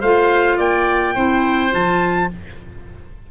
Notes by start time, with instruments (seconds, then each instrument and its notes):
0.00 tuba A3, clarinet F4, oboe C5, trumpet F5
0.57 tuba A#3, oboe D5, trumpet G5
1.15 tuba C4, clarinet E4, oboe C5
1.70 tuba F3, clarinet F4, trumpet A5